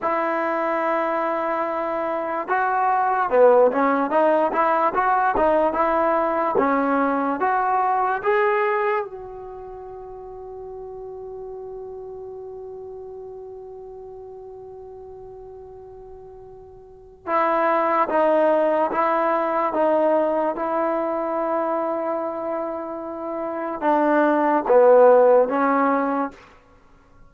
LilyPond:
\new Staff \with { instrumentName = "trombone" } { \time 4/4 \tempo 4 = 73 e'2. fis'4 | b8 cis'8 dis'8 e'8 fis'8 dis'8 e'4 | cis'4 fis'4 gis'4 fis'4~ | fis'1~ |
fis'1~ | fis'4 e'4 dis'4 e'4 | dis'4 e'2.~ | e'4 d'4 b4 cis'4 | }